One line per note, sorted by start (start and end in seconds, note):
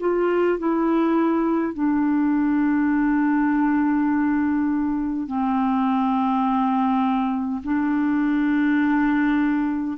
0.00 0.58 F4
0.58 1.74 E4
1.74 5.27 D4
5.27 7.62 C4
7.63 9.97 D4